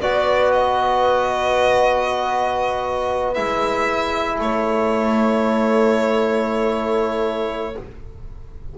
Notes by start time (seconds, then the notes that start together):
0.00 B3 F#4 B4 D5
0.52 D#5
3.33 G#3 E4 E5
4.39 A3 A4 C#5